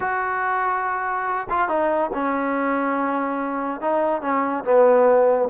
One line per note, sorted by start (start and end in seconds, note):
0.00 1.47 F#4
1.49 1.68 F4
1.68 2.10 D#4
2.13 3.80 C#4
3.80 4.21 D#4
4.21 4.64 C#4
4.64 5.49 B3